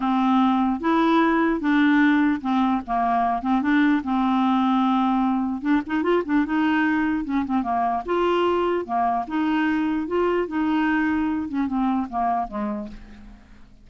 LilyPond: \new Staff \with { instrumentName = "clarinet" } { \time 4/4 \tempo 4 = 149 c'2 e'2 | d'2 c'4 ais4~ | ais8 c'8 d'4 c'2~ | c'2 d'8 dis'8 f'8 d'8 |
dis'2 cis'8 c'8 ais4 | f'2 ais4 dis'4~ | dis'4 f'4 dis'2~ | dis'8 cis'8 c'4 ais4 gis4 | }